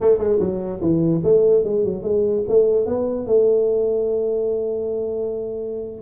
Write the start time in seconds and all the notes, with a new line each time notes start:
0.00 A3
0.18 G#3
0.39 F#3
0.81 E3
1.23 A3
1.64 G#3
1.84 F#3
2.02 G#3
2.48 A3
2.86 B3
3.26 A3